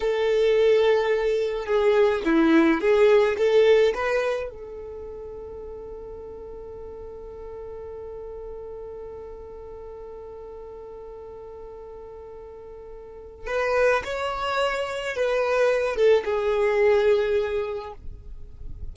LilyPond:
\new Staff \with { instrumentName = "violin" } { \time 4/4 \tempo 4 = 107 a'2. gis'4 | e'4 gis'4 a'4 b'4 | a'1~ | a'1~ |
a'1~ | a'1 | b'4 cis''2 b'4~ | b'8 a'8 gis'2. | }